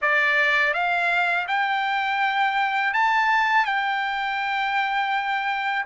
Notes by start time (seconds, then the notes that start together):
0.01 D5
0.73 F5
1.47 G5
2.93 A5
3.65 G5